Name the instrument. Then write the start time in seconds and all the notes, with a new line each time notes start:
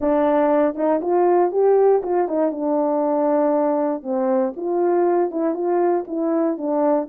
horn
0.00 D4
0.75 D#4
1.01 F4
1.51 G4
2.02 F4
2.27 D#4
2.51 D4
4.02 C4
4.56 F4
5.30 E4
5.54 F4
6.07 E4
6.57 D4